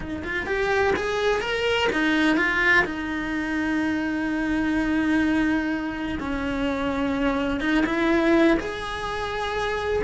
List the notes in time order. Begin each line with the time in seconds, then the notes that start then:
0.00 D#4
0.24 F4
0.46 G4
0.96 G#4
1.40 A#4
1.92 D#4
2.36 F4
2.84 D#4
6.19 C#4
7.60 D#4
7.86 E4
8.59 G#4